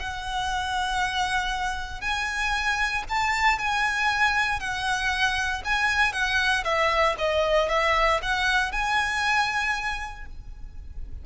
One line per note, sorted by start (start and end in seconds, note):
0.00 2.02 F#5
2.02 3.04 G#5
3.10 3.59 A5
3.59 4.60 G#5
4.60 5.63 F#5
5.65 6.13 G#5
6.13 6.64 F#5
6.65 7.16 E5
7.19 7.70 D#5
7.70 8.21 E5
8.23 8.72 F#5
8.72 10.26 G#5